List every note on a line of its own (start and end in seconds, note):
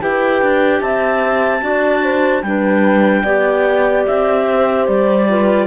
0.00 0.42 E4
0.00 1.61 G4
0.00 0.82 B4
0.00 0.81 G5
0.42 0.81 D4
0.81 1.62 C4
0.81 1.63 E5
0.81 2.42 A5
1.61 2.42 D4
1.61 2.42 F#4
1.61 2.03 D5
2.03 2.43 C5
2.42 3.23 G3
2.42 3.25 D4
2.42 3.23 B4
2.42 4.04 G5
3.23 4.05 B3
3.23 5.28 G4
3.23 4.45 D5
4.06 4.87 C4
4.06 4.87 E5
4.49 5.30 C5
4.87 5.66 G3
4.87 5.66 D5
5.28 5.66 F4
5.28 5.66 B4